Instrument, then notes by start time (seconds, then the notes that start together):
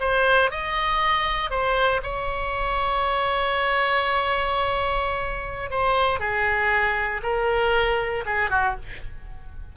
oboe
0.00 C5
0.51 D#5
1.50 C5
2.03 C#5
5.71 C5
6.20 G#4
7.23 A#4
8.26 G#4
8.50 F#4